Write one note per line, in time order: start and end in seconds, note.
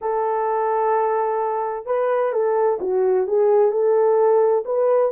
0.01 1.86 A4
1.86 2.32 B4
2.32 2.79 A4
2.80 3.27 F#4
3.27 3.71 G#4
3.71 4.64 A4
4.65 5.11 B4